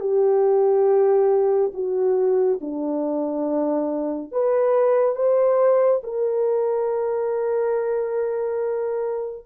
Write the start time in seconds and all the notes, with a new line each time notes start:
0.00 G4
1.73 F#4
2.61 D4
4.31 B4
5.15 C5
6.03 A#4